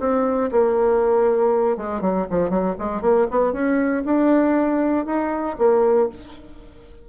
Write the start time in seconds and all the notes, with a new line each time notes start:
0.00 C4
0.52 A#3
1.77 G#3
2.01 F#3
2.30 F3
2.50 F#3
2.79 G#3
3.02 A#3
3.31 B3
3.53 C#4
4.05 D4
5.06 D#4
5.58 A#3